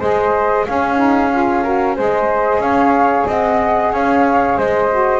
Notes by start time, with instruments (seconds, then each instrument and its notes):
0.00 double bass G#3, saxophone G#4, flute C5 D#5
0.66 saxophone C#4, double bass C#4, flute G#4 F5
0.97 saxophone D#4
1.31 saxophone F4
1.63 saxophone F#4, flute A#4
1.95 double bass G#3, saxophone G#4, flute C5 D#5
2.59 double bass C#4, flute C#5 F5
3.27 double bass C4, flute D#5 F#5
3.92 double bass C#4, flute C#5 F5
4.58 double bass G#3, flute C5 D#5
4.90 saxophone F#4